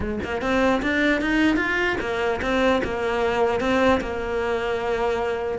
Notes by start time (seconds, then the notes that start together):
0.00 G#3
0.23 A#3
0.41 C4
0.82 D4
1.21 D#4
1.56 F4
2.00 A#3
2.41 C4
2.83 A#3
3.60 C4
4.01 A#3